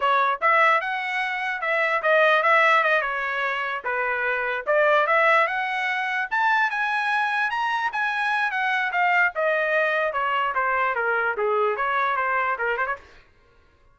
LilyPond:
\new Staff \with { instrumentName = "trumpet" } { \time 4/4 \tempo 4 = 148 cis''4 e''4 fis''2 | e''4 dis''4 e''4 dis''8 cis''8~ | cis''4. b'2 d''8~ | d''8 e''4 fis''2 a''8~ |
a''8 gis''2 ais''4 gis''8~ | gis''4 fis''4 f''4 dis''4~ | dis''4 cis''4 c''4 ais'4 | gis'4 cis''4 c''4 ais'8 c''16 cis''16 | }